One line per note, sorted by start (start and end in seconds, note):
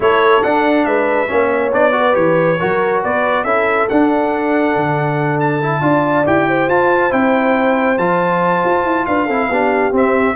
0.00 0.41 A3
0.00 0.43 E4
0.00 0.86 A4
0.00 0.43 C#5
0.43 0.85 D4
0.43 1.28 D4
0.43 0.85 F#5
0.85 1.28 G#3
0.85 1.29 B4
0.85 1.71 E5
1.28 1.73 A#3
1.28 1.71 C#4
1.28 1.95 C#5
1.72 2.16 B3
1.72 1.92 D4
1.72 2.15 D5
1.92 2.12 F#4
1.92 2.59 B4
2.12 2.59 E3
2.12 2.55 G4
2.12 3.01 C#5
2.59 3.03 F#3
2.59 3.45 F#4
2.59 3.02 A#4
3.02 3.44 B3
3.02 3.44 B4
3.02 3.44 D5
3.44 3.87 C#4
3.44 3.89 E4
3.44 5.81 A4
3.44 3.87 E5
3.89 4.76 D4
3.89 5.62 D4
3.89 5.40 F#5
4.76 5.81 D3
5.40 6.26 A5
5.62 5.81 E4
5.81 6.24 D4
5.81 6.24 F4
5.81 6.48 D5
6.26 6.68 E4
6.26 6.69 G4
6.26 6.69 G5
6.48 9.07 C5
6.68 7.11 F4
6.68 7.10 F4
6.68 7.12 A5
7.10 7.98 C4
7.10 7.96 E4
7.10 7.98 G5
7.98 8.62 F3
7.98 9.29 F4
7.98 9.06 A5
8.64 8.84 F4
8.84 9.05 E4
9.06 9.28 D4
9.06 9.26 B4
9.06 9.92 F5
9.26 9.48 C4
9.26 9.51 E4
9.26 9.47 A4
9.48 9.91 B3
9.48 9.92 D4
9.48 10.35 G4
9.92 10.35 C4
9.92 10.35 E5